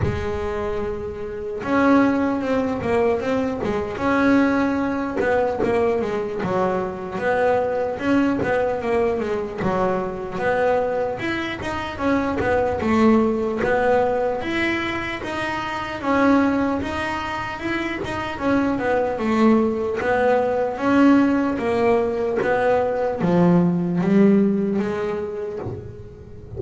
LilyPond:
\new Staff \with { instrumentName = "double bass" } { \time 4/4 \tempo 4 = 75 gis2 cis'4 c'8 ais8 | c'8 gis8 cis'4. b8 ais8 gis8 | fis4 b4 cis'8 b8 ais8 gis8 | fis4 b4 e'8 dis'8 cis'8 b8 |
a4 b4 e'4 dis'4 | cis'4 dis'4 e'8 dis'8 cis'8 b8 | a4 b4 cis'4 ais4 | b4 f4 g4 gis4 | }